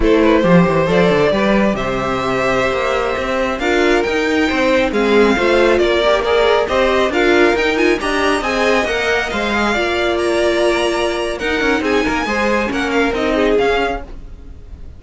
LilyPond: <<
  \new Staff \with { instrumentName = "violin" } { \time 4/4 \tempo 4 = 137 c''2 d''2 | e''1~ | e''16 f''4 g''2 f''8.~ | f''4~ f''16 d''4 ais'4 dis''8.~ |
dis''16 f''4 g''8 gis''8 ais''4 gis''8.~ | gis''16 fis''4 f''2 ais''8.~ | ais''2 fis''4 gis''4~ | gis''4 fis''8 f''8 dis''4 f''4 | }
  \new Staff \with { instrumentName = "violin" } { \time 4/4 a'8 b'8 c''2 b'4 | c''1~ | c''16 ais'2 c''4 gis'8.~ | gis'16 c''4 ais'4 d''4 c''8.~ |
c''16 ais'2 dis''4.~ dis''16~ | dis''2~ dis''16 d''4.~ d''16~ | d''2 ais'4 gis'8 ais'8 | c''4 ais'4. gis'4. | }
  \new Staff \with { instrumentName = "viola" } { \time 4/4 e'4 g'4 a'4 g'4~ | g'1~ | g'16 f'4 dis'2 c'8.~ | c'16 f'4. g'8 gis'4 g'8.~ |
g'16 f'4 dis'8 f'8 g'4 gis'8.~ | gis'16 ais'4 c''8 gis'8 f'4.~ f'16~ | f'2 dis'2 | gis'4 cis'4 dis'4 cis'4 | }
  \new Staff \with { instrumentName = "cello" } { \time 4/4 a4 f8 e8 f8 d8 g4 | c2~ c16 ais4 c'8.~ | c'16 d'4 dis'4 c'4 gis8.~ | gis16 a4 ais2 c'8.~ |
c'16 d'4 dis'4 d'4 c'8.~ | c'16 ais4 gis4 ais4.~ ais16~ | ais2 dis'8 cis'8 c'8 ais8 | gis4 ais4 c'4 cis'4 | }
>>